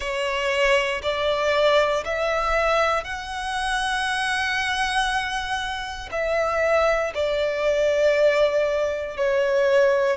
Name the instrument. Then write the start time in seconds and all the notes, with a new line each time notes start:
violin
0.00 C#5
1.02 D5
2.04 E5
3.04 F#5
6.11 E5
7.14 D5
9.16 C#5